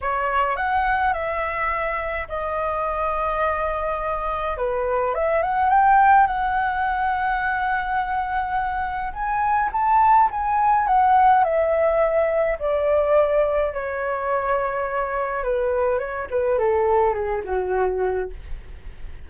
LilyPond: \new Staff \with { instrumentName = "flute" } { \time 4/4 \tempo 4 = 105 cis''4 fis''4 e''2 | dis''1 | b'4 e''8 fis''8 g''4 fis''4~ | fis''1 |
gis''4 a''4 gis''4 fis''4 | e''2 d''2 | cis''2. b'4 | cis''8 b'8 a'4 gis'8 fis'4. | }